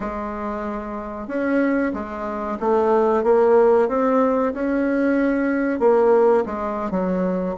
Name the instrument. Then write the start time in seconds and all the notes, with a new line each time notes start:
bassoon
0.00 G#3
1.27 C#4
1.93 G#3
2.60 A3
3.23 A#3
3.88 C4
4.53 C#4
5.79 A#3
6.45 G#3
6.91 F#3